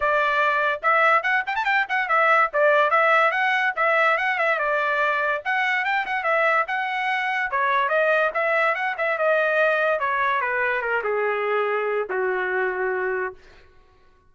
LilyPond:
\new Staff \with { instrumentName = "trumpet" } { \time 4/4 \tempo 4 = 144 d''2 e''4 fis''8 g''16 a''16 | g''8 fis''8 e''4 d''4 e''4 | fis''4 e''4 fis''8 e''8 d''4~ | d''4 fis''4 g''8 fis''8 e''4 |
fis''2 cis''4 dis''4 | e''4 fis''8 e''8 dis''2 | cis''4 b'4 ais'8 gis'4.~ | gis'4 fis'2. | }